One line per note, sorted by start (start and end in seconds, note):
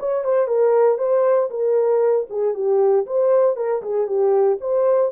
0.00 0.25 C#5
0.25 0.48 C5
0.48 0.99 A#4
0.99 1.50 C5
1.51 2.28 A#4
2.30 2.55 G#4
2.55 3.06 G4
3.07 3.57 C5
3.57 3.82 A#4
3.83 4.07 G#4
4.07 4.59 G4
4.61 5.12 C5